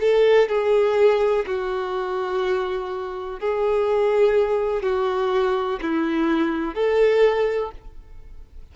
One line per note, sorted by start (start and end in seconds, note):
0.00 0.48 A4
0.48 1.45 G#4
1.46 3.39 F#4
3.40 4.82 G#4
4.82 5.79 F#4
5.81 6.74 E4
6.74 7.71 A4